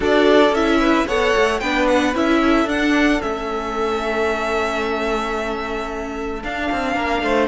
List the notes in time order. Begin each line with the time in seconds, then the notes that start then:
0.00 D4 F#4 A4 D5
0.51 C#4 E4 E5
0.80 B4
1.07 B3 A4 C#5 F#5
1.36 A3
1.59 B3 D4 B4 G5
1.87 F#5
2.14 C#4 E4 E5
2.40 A4
2.65 D4 F#5
3.20 A3 C#4 E5
6.43 D4 F5
6.71 C4
6.94 A#3 A#4
7.22 A3 C5